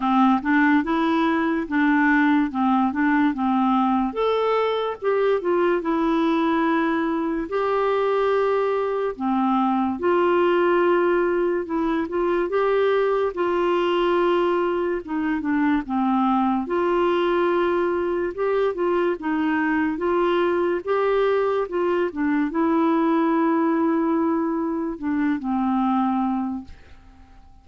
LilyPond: \new Staff \with { instrumentName = "clarinet" } { \time 4/4 \tempo 4 = 72 c'8 d'8 e'4 d'4 c'8 d'8 | c'4 a'4 g'8 f'8 e'4~ | e'4 g'2 c'4 | f'2 e'8 f'8 g'4 |
f'2 dis'8 d'8 c'4 | f'2 g'8 f'8 dis'4 | f'4 g'4 f'8 d'8 e'4~ | e'2 d'8 c'4. | }